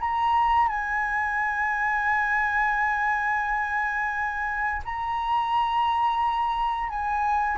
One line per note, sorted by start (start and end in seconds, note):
0.00 0.68 A#5
0.68 4.82 G#5
4.85 6.89 A#5
6.89 7.58 G#5